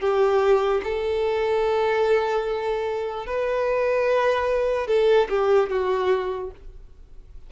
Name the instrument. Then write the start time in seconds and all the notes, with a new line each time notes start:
violin
0.00 G4
0.84 A4
3.26 B4
4.87 A4
5.29 G4
5.70 F#4